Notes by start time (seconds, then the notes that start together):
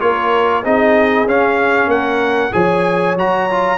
0.00 A#3 F4 A#4 C#5
0.64 C4 D#4 G#4 D#5
1.26 C#4 F5
1.87 A#3 A#4 F#5
2.52 F3 G#4 C#5 G#5
3.16 F#3 F#4 A#5
3.50 F4